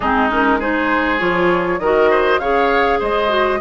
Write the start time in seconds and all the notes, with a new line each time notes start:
0.00 G#3 C4 D#4 G#4
0.29 C#4 A#4
0.59 D#4 G#4 C5
1.18 F3 F4 C#5
1.79 D#3 F#4 A#4 D#5
2.10 C5
2.39 C#3 G#4 C#5 F5
2.99 G#3 C5 D#5
3.28 F#4